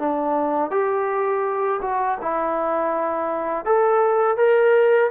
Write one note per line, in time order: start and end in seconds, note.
0.00 0.72 D4
0.72 1.81 G4
1.82 2.19 F#4
2.22 3.66 E4
3.66 4.37 A4
4.37 5.11 A#4